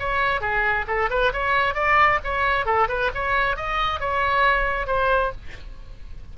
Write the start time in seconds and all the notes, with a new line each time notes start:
0.00 C#5
0.41 G#4
0.88 A4
1.10 B4
1.33 C#5
1.75 D5
2.24 C#5
2.66 A4
2.89 B4
3.15 C#5
3.57 D#5
4.00 C#5
4.87 C5